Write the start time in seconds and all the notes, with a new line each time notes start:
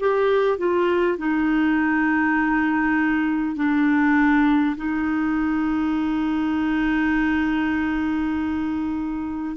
0.00 G4
0.58 F4
1.17 D#4
3.56 D4
4.77 D#4